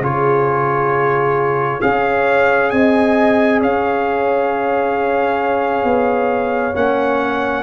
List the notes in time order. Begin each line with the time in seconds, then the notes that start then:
0.00 C#3 F4 G#4 C#5
1.81 C#4 G#4 C#5 F5
2.70 C4 D#5 G#5
3.61 C#4 C#5 F5
5.84 B3
6.75 A#3 C#4 F#5